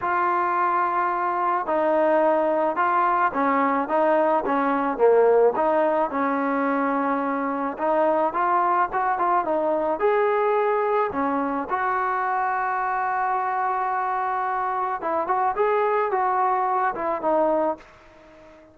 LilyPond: \new Staff \with { instrumentName = "trombone" } { \time 4/4 \tempo 4 = 108 f'2. dis'4~ | dis'4 f'4 cis'4 dis'4 | cis'4 ais4 dis'4 cis'4~ | cis'2 dis'4 f'4 |
fis'8 f'8 dis'4 gis'2 | cis'4 fis'2.~ | fis'2. e'8 fis'8 | gis'4 fis'4. e'8 dis'4 | }